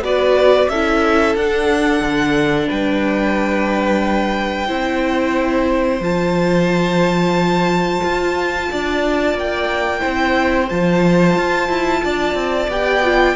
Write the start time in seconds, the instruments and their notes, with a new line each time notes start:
0.00 cello B3, viola F#4, violin B4 D5
0.68 cello C#4, viola E4, violin A4 E5
1.35 cello D4, viola D4, violin F#5
2.01 cello D3
2.68 cello G3, violin B4 G5
4.67 cello C4, viola E4, violin C5
6.00 cello F3, viola F4, violin A5
8.04 cello F4
8.71 cello D4, violin D5
9.34 cello A#3, violin G5
9.99 cello C4, viola E4, violin C5
10.69 cello F3, viola F4, violin A5
11.36 cello F4
11.69 cello E4
12.04 cello D4, violin D5
12.34 cello C4
12.68 cello B3, viola G4, violin G5
13.03 viola F4